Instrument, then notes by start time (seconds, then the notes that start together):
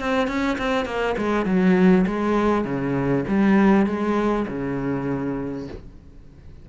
cello
0.00 C4
0.28 C#4
0.58 C4
0.86 A#3
1.18 G#3
1.46 F#3
2.07 G#3
2.65 C#3
3.28 G3
3.86 G#3
4.48 C#3